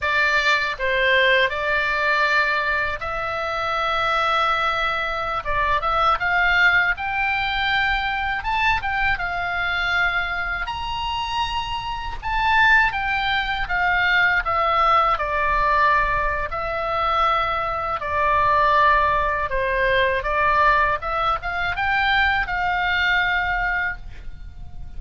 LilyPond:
\new Staff \with { instrumentName = "oboe" } { \time 4/4 \tempo 4 = 80 d''4 c''4 d''2 | e''2.~ e''16 d''8 e''16~ | e''16 f''4 g''2 a''8 g''16~ | g''16 f''2 ais''4.~ ais''16~ |
ais''16 a''4 g''4 f''4 e''8.~ | e''16 d''4.~ d''16 e''2 | d''2 c''4 d''4 | e''8 f''8 g''4 f''2 | }